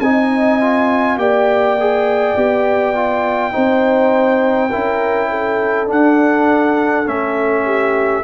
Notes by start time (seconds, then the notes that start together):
0.00 C4 D#4 D#5 G#5
0.61 F4
1.17 A#3 G4 D5 G5
1.80 G#4
2.37 B3 G4
2.95 F4
3.52 C4 D#4 C5
4.70 C#4 E4 A#4
5.30 A4
5.87 D4 F#5
7.07 A3 C#4 E5
7.65 G4